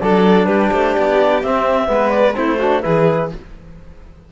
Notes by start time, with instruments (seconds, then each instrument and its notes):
0.00 cello F#3, trombone D4, violin A4, clarinet D5
0.46 cello G3, violin G4, clarinet B4
0.71 cello A3, clarinet C5
0.94 cello B3, clarinet D5
1.42 cello C4, trombone C4, clarinet E5
1.86 cello G#3, trombone B3
1.92 violin B4
2.10 clarinet D5
2.35 cello A3, trombone C4, violin E4, clarinet C5
2.59 trombone D4, violin F#4
2.82 cello E3, trombone E4, violin G#4, clarinet B4